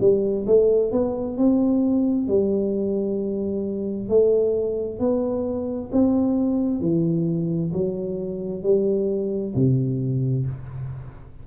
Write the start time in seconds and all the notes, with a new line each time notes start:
0.00 G3
0.46 A3
0.92 B3
1.37 C4
2.28 G3
4.09 A3
4.99 B3
5.92 C4
6.81 E3
7.73 F#3
8.63 G3
9.55 C3